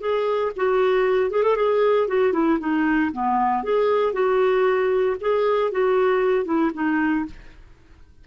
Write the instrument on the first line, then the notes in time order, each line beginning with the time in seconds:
clarinet
0.00 G#4
0.56 F#4
1.31 G#4
1.43 A4
1.56 G#4
2.08 F#4
2.33 E4
2.60 D#4
3.12 B3
3.63 G#4
4.13 F#4
5.21 G#4
5.71 F#4
6.45 E4
6.74 D#4